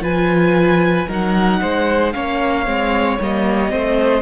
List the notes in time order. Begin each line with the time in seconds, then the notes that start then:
0.00 F3 F4 B4 G#5
1.07 F#3 D#4 A#4 F#5
1.61 G#3 C5
2.12 A#3 C#4 C#5 F5
2.66 G#3 C4
3.20 G3 A#3 D#5
3.69 A3 C4 C5